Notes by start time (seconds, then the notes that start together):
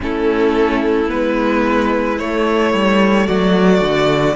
0.00 A3 C#4 E4 A4
1.07 G#3 B3 B4
2.18 A3 C#5
2.73 G3
3.25 F#3 F#4 D5
3.80 D3